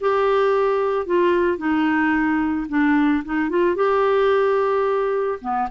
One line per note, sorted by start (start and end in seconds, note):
0.00 1.06 G4
1.06 1.57 F4
1.57 2.67 D#4
2.69 3.23 D4
3.25 3.50 D#4
3.50 3.75 F4
3.75 5.39 G4
5.41 5.69 B3